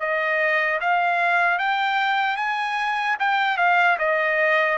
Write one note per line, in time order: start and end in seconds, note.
0.00 0.80 D#5
0.81 1.59 F5
1.59 2.37 G5
2.37 3.17 G#5
3.20 3.58 G5
3.58 3.97 F5
3.99 4.78 D#5